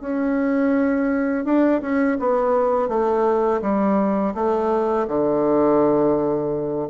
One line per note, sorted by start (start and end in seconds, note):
0.00 1.45 C#4
1.45 1.81 D4
1.81 2.17 C#4
2.19 2.88 B3
2.88 3.60 A3
3.61 4.34 G3
4.34 5.06 A3
5.07 6.88 D3